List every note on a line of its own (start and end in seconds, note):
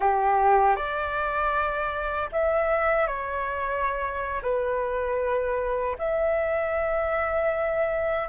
0.00 0.76 G4
0.76 2.29 D5
2.32 3.07 E5
3.07 4.41 C#5
4.42 5.96 B4
5.98 8.28 E5